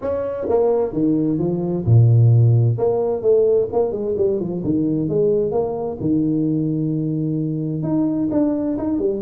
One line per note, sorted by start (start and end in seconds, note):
0.01 0.47 C#4
0.48 0.92 A#3
0.92 1.38 D#3
1.38 1.84 F3
1.85 2.77 A#2
2.77 3.22 A#3
3.22 3.68 A3
3.72 3.92 A#3
3.92 4.15 G#3
4.17 4.40 G3
4.40 4.63 F3
4.64 5.09 D#3
5.09 5.51 G#3
5.51 5.97 A#3
6.00 7.82 D#3
7.82 8.28 D#4
8.31 8.77 D4
8.78 8.99 D#4
8.99 9.22 G3